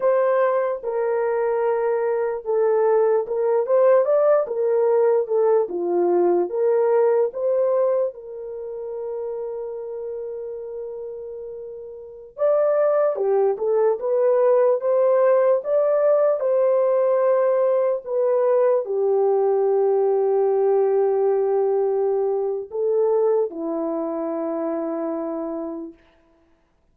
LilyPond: \new Staff \with { instrumentName = "horn" } { \time 4/4 \tempo 4 = 74 c''4 ais'2 a'4 | ais'8 c''8 d''8 ais'4 a'8 f'4 | ais'4 c''4 ais'2~ | ais'2.~ ais'16 d''8.~ |
d''16 g'8 a'8 b'4 c''4 d''8.~ | d''16 c''2 b'4 g'8.~ | g'1 | a'4 e'2. | }